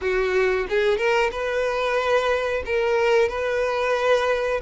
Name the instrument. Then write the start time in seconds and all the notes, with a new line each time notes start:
violin
0.01 F#4
0.69 G#4
0.97 A#4
1.31 B4
2.65 A#4
3.28 B4